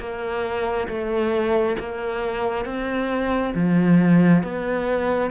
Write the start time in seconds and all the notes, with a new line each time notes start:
0.00 A#3
0.89 A3
1.80 A#3
2.66 C4
3.55 F3
4.44 B3